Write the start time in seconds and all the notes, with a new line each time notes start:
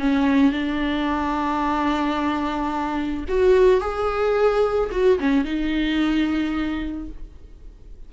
0.00 C#4
0.52 D4
3.29 F#4
3.81 G#4
4.92 F#4
5.20 C#4
5.45 D#4